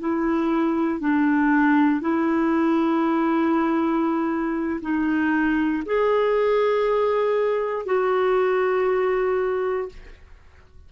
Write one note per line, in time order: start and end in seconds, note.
0.00 1.00 E4
1.00 2.01 D4
2.01 4.81 E4
4.82 5.83 D#4
5.86 7.86 G#4
7.86 9.89 F#4